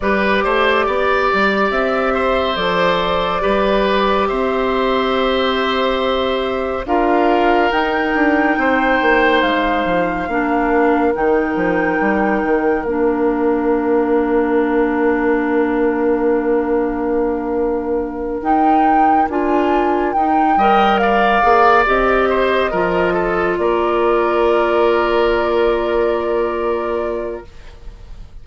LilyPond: <<
  \new Staff \with { instrumentName = "flute" } { \time 4/4 \tempo 4 = 70 d''2 e''4 d''4~ | d''4 e''2. | f''4 g''2 f''4~ | f''4 g''2 f''4~ |
f''1~ | f''4. g''4 gis''4 g''8~ | g''8 f''4 dis''2 d''8~ | d''1 | }
  \new Staff \with { instrumentName = "oboe" } { \time 4/4 b'8 c''8 d''4. c''4. | b'4 c''2. | ais'2 c''2 | ais'1~ |
ais'1~ | ais'1 | dis''8 d''4. c''8 ais'8 a'8 ais'8~ | ais'1 | }
  \new Staff \with { instrumentName = "clarinet" } { \time 4/4 g'2. a'4 | g'1 | f'4 dis'2. | d'4 dis'2 d'4~ |
d'1~ | d'4. dis'4 f'4 dis'8 | ais'4 gis'8 g'4 f'4.~ | f'1 | }
  \new Staff \with { instrumentName = "bassoon" } { \time 4/4 g8 a8 b8 g8 c'4 f4 | g4 c'2. | d'4 dis'8 d'8 c'8 ais8 gis8 f8 | ais4 dis8 f8 g8 dis8 ais4~ |
ais1~ | ais4. dis'4 d'4 dis'8 | g4 ais8 c'4 f4 ais8~ | ais1 | }
>>